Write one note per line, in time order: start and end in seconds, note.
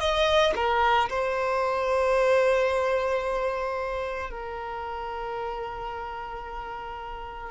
0.00 0.54 D#5
0.56 1.09 A#4
1.09 4.30 C5
4.30 7.50 A#4